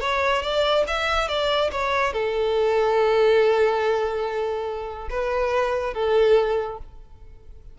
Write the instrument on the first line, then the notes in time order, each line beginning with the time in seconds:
violin
0.00 C#5
0.42 D5
0.87 E5
1.28 D5
1.72 C#5
2.13 A4
5.10 B4
5.93 A4